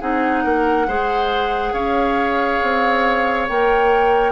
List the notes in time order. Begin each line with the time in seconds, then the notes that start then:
0.00 C4 D#4 G#4 F#5
0.43 A#3 A#4
0.88 G#3 G#4 C5
1.73 C#4 C#5 F5
2.62 C4
3.48 A#3 A#4 G5